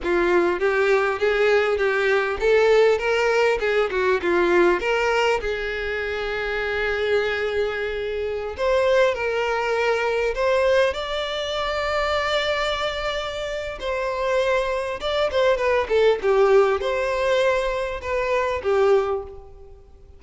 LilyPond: \new Staff \with { instrumentName = "violin" } { \time 4/4 \tempo 4 = 100 f'4 g'4 gis'4 g'4 | a'4 ais'4 gis'8 fis'8 f'4 | ais'4 gis'2.~ | gis'2~ gis'16 c''4 ais'8.~ |
ais'4~ ais'16 c''4 d''4.~ d''16~ | d''2. c''4~ | c''4 d''8 c''8 b'8 a'8 g'4 | c''2 b'4 g'4 | }